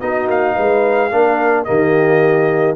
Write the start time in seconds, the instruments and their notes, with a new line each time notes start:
0.00 tuba B3, trombone D#4, horn F#4, trumpet D#5
0.28 tuba A#3, trumpet F5
0.55 tuba G#3, horn B4
1.11 tuba A#3, trombone D4, horn A#4
1.64 tuba D#3, trombone A#3, horn G4, trumpet D#5